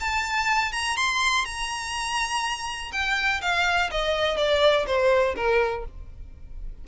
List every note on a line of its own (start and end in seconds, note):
0.00 0.72 A5
0.72 0.96 A#5
0.96 1.45 C6
1.45 2.91 A#5
2.92 3.41 G5
3.41 3.90 F5
3.90 4.37 D#5
4.37 4.85 D5
4.86 5.35 C5
5.35 5.84 A#4